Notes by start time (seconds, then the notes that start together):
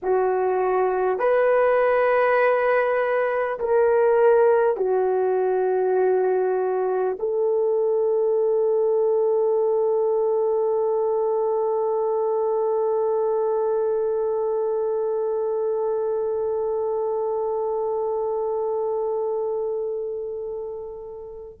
0.02 F#4
1.18 B4
3.59 A#4
4.76 F#4
7.19 A4